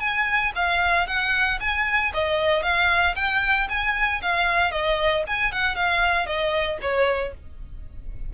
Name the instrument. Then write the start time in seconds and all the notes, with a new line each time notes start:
violin
0.00 G#5
0.56 F5
1.07 F#5
1.60 G#5
2.14 D#5
2.63 F5
3.16 G5
3.69 G#5
4.22 F5
4.72 D#5
5.27 G#5
5.52 F#5
5.75 F5
6.26 D#5
6.82 C#5